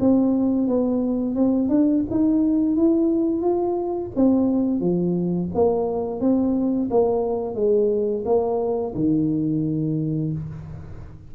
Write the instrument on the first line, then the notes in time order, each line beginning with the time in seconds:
tuba
0.00 C4
0.68 B3
1.35 C4
1.69 D4
2.11 D#4
2.76 E4
3.42 F4
4.16 C4
4.80 F3
5.54 A#3
6.20 C4
6.90 A#3
7.55 G#3
8.25 A#3
8.95 D#3